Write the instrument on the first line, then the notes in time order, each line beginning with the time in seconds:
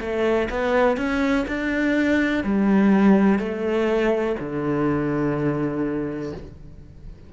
cello
0.00 A3
0.50 B3
0.97 C#4
1.47 D4
2.44 G3
3.39 A3
4.39 D3